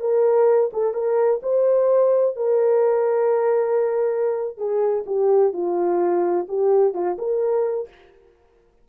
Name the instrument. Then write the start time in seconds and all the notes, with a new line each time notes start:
horn
0.00 A#4
0.73 A4
0.93 A#4
1.43 C5
2.36 A#4
4.57 G#4
5.06 G4
5.52 F4
6.48 G4
6.93 F4
7.18 A#4